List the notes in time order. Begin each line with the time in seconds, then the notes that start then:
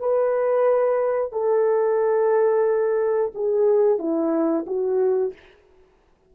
0.00 B4
1.32 A4
3.35 G#4
3.98 E4
4.66 F#4